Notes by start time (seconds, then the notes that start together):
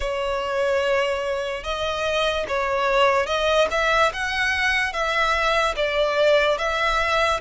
0.00 C#5
1.63 D#5
2.47 C#5
3.26 D#5
3.71 E5
4.13 F#5
4.92 E5
5.75 D5
6.58 E5